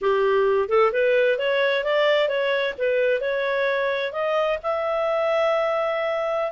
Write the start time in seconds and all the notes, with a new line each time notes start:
0.01 G4
0.68 A4
0.92 B4
1.38 C#5
1.84 D5
2.28 C#5
2.78 B4
3.21 C#5
4.12 D#5
4.62 E5